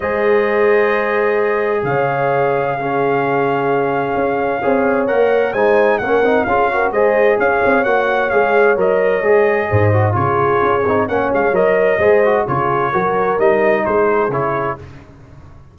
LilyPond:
<<
  \new Staff \with { instrumentName = "trumpet" } { \time 4/4 \tempo 4 = 130 dis''1 | f''1~ | f''2. fis''4 | gis''4 fis''4 f''4 dis''4 |
f''4 fis''4 f''4 dis''4~ | dis''2 cis''2 | fis''8 f''8 dis''2 cis''4~ | cis''4 dis''4 c''4 cis''4 | }
  \new Staff \with { instrumentName = "horn" } { \time 4/4 c''1 | cis''2 gis'2~ | gis'2 cis''2 | c''4 ais'4 gis'8 ais'8 c''4 |
cis''1~ | cis''4 c''4 gis'2 | cis''2 c''4 gis'4 | ais'2 gis'2 | }
  \new Staff \with { instrumentName = "trombone" } { \time 4/4 gis'1~ | gis'2 cis'2~ | cis'2 gis'4 ais'4 | dis'4 cis'8 dis'8 f'8 fis'8 gis'4~ |
gis'4 fis'4 gis'4 ais'4 | gis'4. fis'8 f'4. dis'8 | cis'4 ais'4 gis'8 fis'8 f'4 | fis'4 dis'2 e'4 | }
  \new Staff \with { instrumentName = "tuba" } { \time 4/4 gis1 | cis1~ | cis4 cis'4 c'4 ais4 | gis4 ais8 c'8 cis'4 gis4 |
cis'8 c'8 ais4 gis4 fis4 | gis4 gis,4 cis4 cis'8 c'8 | ais8 gis8 fis4 gis4 cis4 | fis4 g4 gis4 cis4 | }
>>